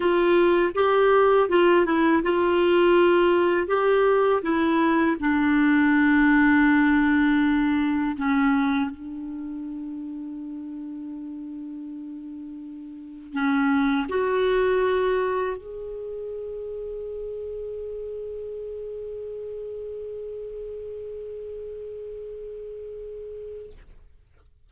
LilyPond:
\new Staff \with { instrumentName = "clarinet" } { \time 4/4 \tempo 4 = 81 f'4 g'4 f'8 e'8 f'4~ | f'4 g'4 e'4 d'4~ | d'2. cis'4 | d'1~ |
d'2 cis'4 fis'4~ | fis'4 gis'2.~ | gis'1~ | gis'1 | }